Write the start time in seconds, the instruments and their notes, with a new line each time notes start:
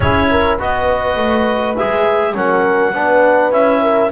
0.00 double bass C#4, trombone E4, horn G#4, clarinet C#5
0.30 horn A#4
0.58 double bass B3, trombone F#4, horn B4, clarinet D#5
1.16 double bass A3
1.76 double bass G#3, trombone G#4, clarinet E5
2.34 double bass F#3, trombone C#4, horn A#4, clarinet F#5
2.93 double bass B3, trombone D4, horn B4
3.50 double bass C#4, trombone E4, clarinet E5
3.82 horn A#4